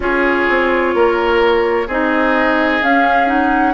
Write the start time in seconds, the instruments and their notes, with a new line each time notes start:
0.00 bassoon C#4, clarinet F4, oboe G#4, flute C#5
0.49 bassoon C4
0.94 bassoon A#3, oboe A#4
1.87 bassoon C4, clarinet D#4, oboe G#4, flute D#5
2.81 bassoon C#4, clarinet C#4, flute F5
3.26 clarinet D#4, flute F#5